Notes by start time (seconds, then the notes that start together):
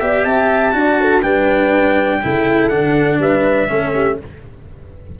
0.00 B3 G4 D5 E5
0.24 C4 E5 A5
0.72 D4 F#4 D5
1.01 A4
1.22 G3 D4 B4 G5
2.22 C#3 E4 A4
2.68 D3 D4 F#5
3.18 G3 B4 E5
3.68 A3 C#4 A4
3.94 G4